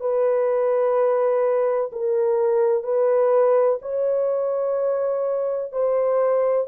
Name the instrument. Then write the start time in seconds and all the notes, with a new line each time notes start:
horn
0.00 B4
1.92 A#4
2.84 B4
3.82 C#5
5.72 C5